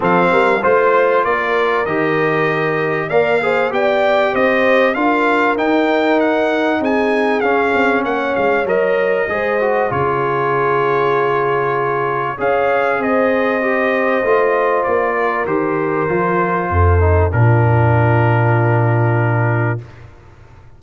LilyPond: <<
  \new Staff \with { instrumentName = "trumpet" } { \time 4/4 \tempo 4 = 97 f''4 c''4 d''4 dis''4~ | dis''4 f''4 g''4 dis''4 | f''4 g''4 fis''4 gis''4 | f''4 fis''8 f''8 dis''2 |
cis''1 | f''4 dis''2. | d''4 c''2. | ais'1 | }
  \new Staff \with { instrumentName = "horn" } { \time 4/4 a'8 ais'8 c''4 ais'2~ | ais'4 d''8 c''8 d''4 c''4 | ais'2. gis'4~ | gis'4 cis''2 c''4 |
gis'1 | cis''4 c''2.~ | c''8 ais'2~ ais'8 a'4 | f'1 | }
  \new Staff \with { instrumentName = "trombone" } { \time 4/4 c'4 f'2 g'4~ | g'4 ais'8 gis'8 g'2 | f'4 dis'2. | cis'2 ais'4 gis'8 fis'8 |
f'1 | gis'2 g'4 f'4~ | f'4 g'4 f'4. dis'8 | d'1 | }
  \new Staff \with { instrumentName = "tuba" } { \time 4/4 f8 g8 a4 ais4 dis4~ | dis4 ais4 b4 c'4 | d'4 dis'2 c'4 | cis'8 c'8 ais8 gis8 fis4 gis4 |
cis1 | cis'4 c'2 a4 | ais4 dis4 f4 f,4 | ais,1 | }
>>